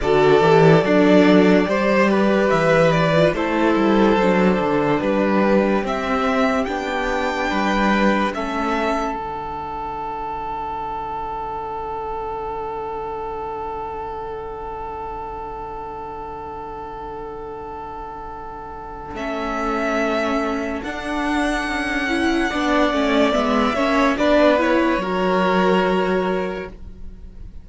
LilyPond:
<<
  \new Staff \with { instrumentName = "violin" } { \time 4/4 \tempo 4 = 72 d''2. e''8 d''8 | c''2 b'4 e''4 | g''2 e''4 fis''4~ | fis''1~ |
fis''1~ | fis''2. e''4~ | e''4 fis''2. | e''4 d''8 cis''2~ cis''8 | }
  \new Staff \with { instrumentName = "violin" } { \time 4/4 a'4 d'4 c''8 b'4. | a'2 g'2~ | g'4 b'4 a'2~ | a'1~ |
a'1~ | a'1~ | a'2. d''4~ | d''8 cis''8 b'4 ais'2 | }
  \new Staff \with { instrumentName = "viola" } { \time 4/4 fis'8 g'8 a'4 g'4.~ g'16 f'16 | e'4 d'2 c'4 | d'2 cis'4 d'4~ | d'1~ |
d'1~ | d'2. cis'4~ | cis'4 d'4. e'8 d'8 cis'8 | b8 cis'8 d'8 e'8 fis'2 | }
  \new Staff \with { instrumentName = "cello" } { \time 4/4 d8 e8 fis4 g4 e4 | a8 g8 fis8 d8 g4 c'4 | b4 g4 a4 d4~ | d1~ |
d1~ | d2. a4~ | a4 d'4 cis'4 b8 a8 | gis8 ais8 b4 fis2 | }
>>